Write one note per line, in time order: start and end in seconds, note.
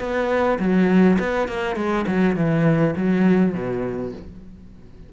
0.00 0.59 B3
0.59 1.18 F#3
1.20 1.48 B3
1.48 1.76 A#3
1.76 2.06 G#3
2.07 2.36 F#3
2.36 2.95 E3
2.96 3.54 F#3
3.54 4.13 B2